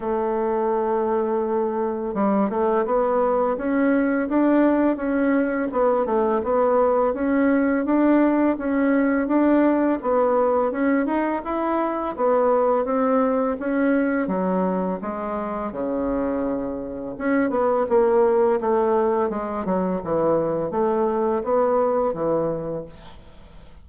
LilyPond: \new Staff \with { instrumentName = "bassoon" } { \time 4/4 \tempo 4 = 84 a2. g8 a8 | b4 cis'4 d'4 cis'4 | b8 a8 b4 cis'4 d'4 | cis'4 d'4 b4 cis'8 dis'8 |
e'4 b4 c'4 cis'4 | fis4 gis4 cis2 | cis'8 b8 ais4 a4 gis8 fis8 | e4 a4 b4 e4 | }